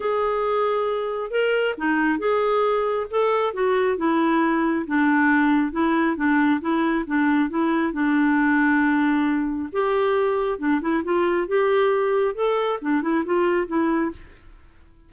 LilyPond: \new Staff \with { instrumentName = "clarinet" } { \time 4/4 \tempo 4 = 136 gis'2. ais'4 | dis'4 gis'2 a'4 | fis'4 e'2 d'4~ | d'4 e'4 d'4 e'4 |
d'4 e'4 d'2~ | d'2 g'2 | d'8 e'8 f'4 g'2 | a'4 d'8 e'8 f'4 e'4 | }